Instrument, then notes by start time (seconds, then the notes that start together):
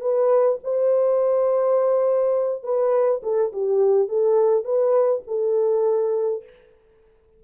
horn
0.00 B4
0.64 C5
2.63 B4
3.23 A4
3.52 G4
4.08 A4
4.64 B4
5.27 A4